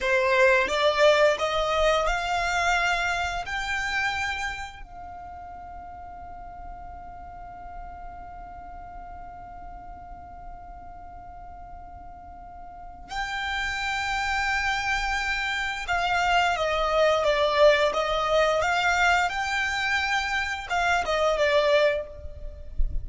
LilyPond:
\new Staff \with { instrumentName = "violin" } { \time 4/4 \tempo 4 = 87 c''4 d''4 dis''4 f''4~ | f''4 g''2 f''4~ | f''1~ | f''1~ |
f''2. g''4~ | g''2. f''4 | dis''4 d''4 dis''4 f''4 | g''2 f''8 dis''8 d''4 | }